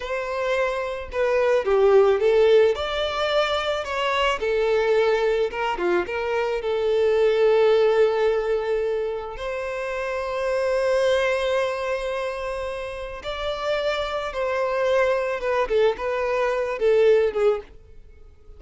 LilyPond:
\new Staff \with { instrumentName = "violin" } { \time 4/4 \tempo 4 = 109 c''2 b'4 g'4 | a'4 d''2 cis''4 | a'2 ais'8 f'8 ais'4 | a'1~ |
a'4 c''2.~ | c''1 | d''2 c''2 | b'8 a'8 b'4. a'4 gis'8 | }